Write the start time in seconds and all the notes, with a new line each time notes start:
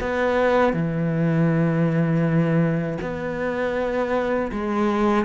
0.00 B3
0.73 E3
3.01 B3
4.52 G#3